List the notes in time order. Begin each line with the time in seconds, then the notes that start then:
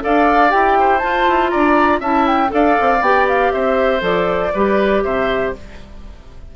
0.00 D4 A4 D5 F5
0.49 E4 G4 G5
0.79 C5
0.98 F4 A5
1.27 E4
1.49 D4 D5 A#5
2.00 C#4 E4 E5 A5
2.26 G5
2.48 D4 A4 F5
2.54 D5
2.80 C4
3.01 B3 G4 G5
3.28 F5
3.52 C4 C5 E5
4.00 F3 A4 D5
4.53 G3 G4 B4
5.03 C3 C5 E5